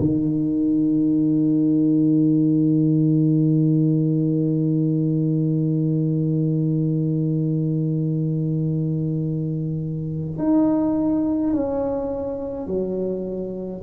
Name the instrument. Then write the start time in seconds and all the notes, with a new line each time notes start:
tuba
0.00 D#3
10.38 D#4
11.54 C#4
12.67 F#3